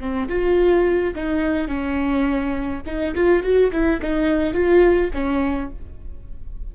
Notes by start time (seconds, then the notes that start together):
0.00 C4
0.29 F4
1.15 D#4
1.68 C#4
2.86 D#4
3.15 F4
3.43 F#4
3.72 E4
4.02 D#4
4.54 F4
5.14 C#4